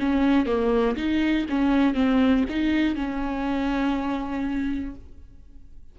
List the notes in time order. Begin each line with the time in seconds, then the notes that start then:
0.00 C#4
0.46 A#3
0.97 D#4
1.50 C#4
1.95 C4
2.50 D#4
2.95 C#4